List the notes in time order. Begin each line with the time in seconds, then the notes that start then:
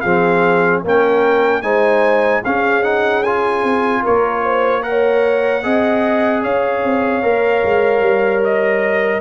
0.00 F3 C4 G#4 F5
0.83 A#3 C#4 A#4 G5
1.62 G#3 D#4 C5 G#5
2.44 C#4 G#4 F5
2.83 D#4 F#5
3.23 F4 G#5
3.63 C4
4.02 A#3 A#4 C#5
4.43 C5
4.82 A#4 F#5
4.89 C#5
5.63 C4 G#4 D#5
6.43 C#4 C#5 F5
6.83 C4
7.23 A#3 A#4
7.63 G#3
8.00 G3
8.44 D#5